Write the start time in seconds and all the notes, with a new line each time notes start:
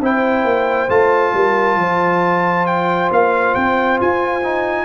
0.00 C4 E4 C5 G5
0.44 A#3
0.89 A3 F4 A5
1.33 G3 A#4
1.76 F3 C5
2.66 G5
3.11 A#3 F5
3.54 C4 G5
4.01 F4 G#5
4.43 D#4